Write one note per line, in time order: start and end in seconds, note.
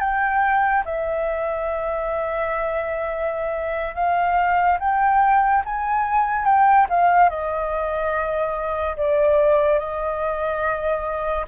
0.00 0.83 G5
0.85 3.95 E5
3.95 4.78 F5
4.80 5.63 G5
5.65 6.45 G#5
6.45 6.87 G5
6.89 7.29 F5
7.29 8.96 D#5
8.97 9.79 D5
9.79 11.45 D#5